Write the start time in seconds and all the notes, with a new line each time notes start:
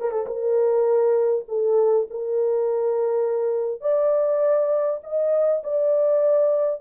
0.00 A#4
0.11 A4
0.26 A#4
1.48 A4
2.10 A#4
3.81 D5
5.03 D#5
5.63 D5